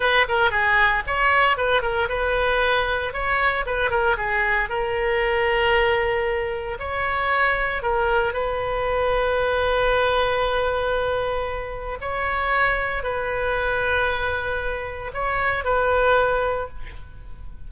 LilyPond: \new Staff \with { instrumentName = "oboe" } { \time 4/4 \tempo 4 = 115 b'8 ais'8 gis'4 cis''4 b'8 ais'8 | b'2 cis''4 b'8 ais'8 | gis'4 ais'2.~ | ais'4 cis''2 ais'4 |
b'1~ | b'2. cis''4~ | cis''4 b'2.~ | b'4 cis''4 b'2 | }